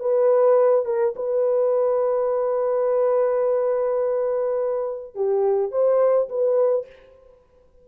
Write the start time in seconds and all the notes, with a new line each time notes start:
0.00 B4
0.85 A#4
1.16 B4
5.15 G4
5.71 C5
6.29 B4